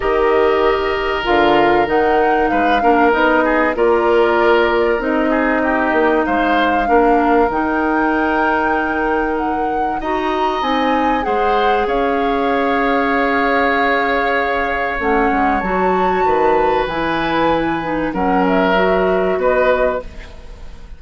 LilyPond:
<<
  \new Staff \with { instrumentName = "flute" } { \time 4/4 \tempo 4 = 96 dis''2 f''4 fis''4 | f''4 dis''4 d''2 | dis''2 f''2 | g''2. fis''4 |
ais''4 gis''4 fis''4 f''4~ | f''1 | fis''4 a''2 gis''4~ | gis''4 fis''8 e''4. dis''4 | }
  \new Staff \with { instrumentName = "oboe" } { \time 4/4 ais'1 | b'8 ais'4 gis'8 ais'2~ | ais'8 gis'8 g'4 c''4 ais'4~ | ais'1 |
dis''2 c''4 cis''4~ | cis''1~ | cis''2 b'2~ | b'4 ais'2 b'4 | }
  \new Staff \with { instrumentName = "clarinet" } { \time 4/4 g'2 f'4 dis'4~ | dis'8 d'8 dis'4 f'2 | dis'2. d'4 | dis'1 |
fis'4 dis'4 gis'2~ | gis'1 | cis'4 fis'2 e'4~ | e'8 dis'8 cis'4 fis'2 | }
  \new Staff \with { instrumentName = "bassoon" } { \time 4/4 dis2 d4 dis4 | gis8 ais8 b4 ais2 | c'4. ais8 gis4 ais4 | dis1 |
dis'4 c'4 gis4 cis'4~ | cis'1 | a8 gis8 fis4 dis4 e4~ | e4 fis2 b4 | }
>>